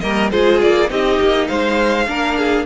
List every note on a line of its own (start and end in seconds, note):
0.00 0.32 G3
0.00 0.31 A#3
0.00 0.31 A#4
0.00 0.29 D#5
0.31 0.62 G#3
0.31 0.87 F4
0.31 0.90 G#4
0.31 0.60 C5
0.61 0.90 A#3
0.61 0.90 D5
0.87 1.19 C4
0.87 2.05 D#4
0.87 1.48 G4
0.87 1.48 D#5
1.20 1.49 A#3
1.48 2.07 G#3
1.48 2.07 C5
1.48 2.65 F5
2.07 2.65 A#3
2.07 2.65 D4
2.07 2.38 A#4
2.38 2.65 G#4